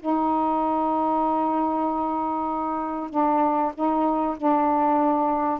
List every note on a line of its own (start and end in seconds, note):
0.00 3.10 D#4
3.10 3.73 D4
3.75 4.37 D#4
4.38 5.60 D4